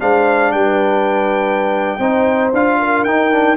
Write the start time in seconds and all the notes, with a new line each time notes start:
0.00 G#3 D4 C5 F5
0.52 G3 B4 G5
1.99 C4 D#4 C5
2.53 D4 F4 F5
2.79 A#4
3.04 D#4 G5
3.32 D4